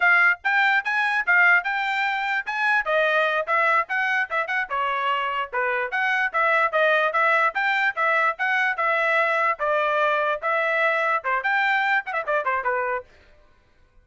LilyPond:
\new Staff \with { instrumentName = "trumpet" } { \time 4/4 \tempo 4 = 147 f''4 g''4 gis''4 f''4 | g''2 gis''4 dis''4~ | dis''8 e''4 fis''4 e''8 fis''8 cis''8~ | cis''4. b'4 fis''4 e''8~ |
e''8 dis''4 e''4 g''4 e''8~ | e''8 fis''4 e''2 d''8~ | d''4. e''2 c''8 | g''4. fis''16 e''16 d''8 c''8 b'4 | }